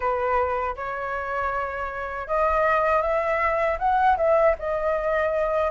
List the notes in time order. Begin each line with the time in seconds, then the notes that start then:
0.00 B4
0.76 C#5
2.27 D#5
3.02 E5
3.78 F#5
4.17 E5
4.58 D#5